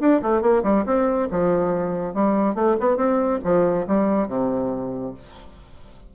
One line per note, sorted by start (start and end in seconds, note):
0.00 0.21 D4
0.22 0.41 A3
0.41 0.63 A#3
0.63 0.85 G3
0.86 1.28 C4
1.31 2.14 F3
2.14 2.55 G3
2.55 2.76 A3
2.80 2.97 B3
2.97 3.40 C4
3.44 3.87 F3
3.87 4.28 G3
4.28 5.14 C3